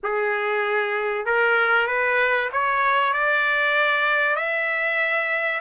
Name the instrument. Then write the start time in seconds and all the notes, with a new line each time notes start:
trumpet
0.03 G#4
1.25 A#4
1.87 B4
2.52 C#5
3.12 D5
4.36 E5